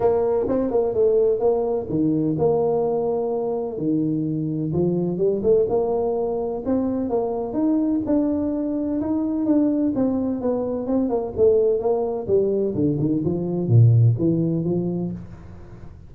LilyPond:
\new Staff \with { instrumentName = "tuba" } { \time 4/4 \tempo 4 = 127 ais4 c'8 ais8 a4 ais4 | dis4 ais2. | dis2 f4 g8 a8 | ais2 c'4 ais4 |
dis'4 d'2 dis'4 | d'4 c'4 b4 c'8 ais8 | a4 ais4 g4 d8 dis8 | f4 ais,4 e4 f4 | }